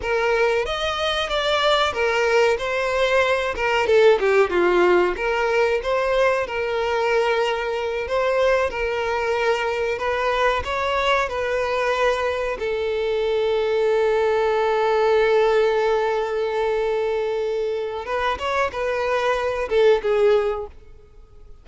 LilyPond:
\new Staff \with { instrumentName = "violin" } { \time 4/4 \tempo 4 = 93 ais'4 dis''4 d''4 ais'4 | c''4. ais'8 a'8 g'8 f'4 | ais'4 c''4 ais'2~ | ais'8 c''4 ais'2 b'8~ |
b'8 cis''4 b'2 a'8~ | a'1~ | a'1 | b'8 cis''8 b'4. a'8 gis'4 | }